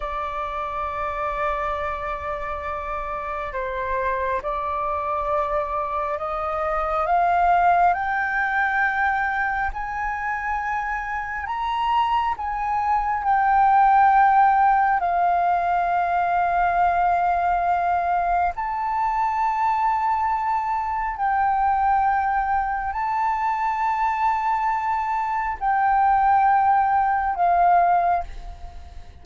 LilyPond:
\new Staff \with { instrumentName = "flute" } { \time 4/4 \tempo 4 = 68 d''1 | c''4 d''2 dis''4 | f''4 g''2 gis''4~ | gis''4 ais''4 gis''4 g''4~ |
g''4 f''2.~ | f''4 a''2. | g''2 a''2~ | a''4 g''2 f''4 | }